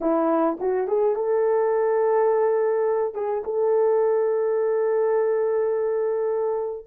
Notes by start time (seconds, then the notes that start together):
0.00 E4
0.59 F#4
0.87 G#4
1.15 A4
3.14 G#4
3.44 A4